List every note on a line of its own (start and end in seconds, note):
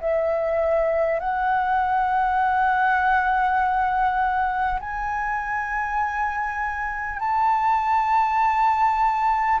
0.00 1.19 E5
1.19 4.79 F#5
4.79 7.19 G#5
7.19 9.59 A5